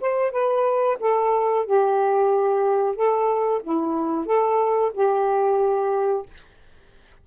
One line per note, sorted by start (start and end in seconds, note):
0.00 0.31 C5
0.31 0.97 B4
1.00 1.65 A4
1.65 2.95 G4
2.95 3.61 A4
3.63 4.25 E4
4.25 4.91 A4
4.94 6.25 G4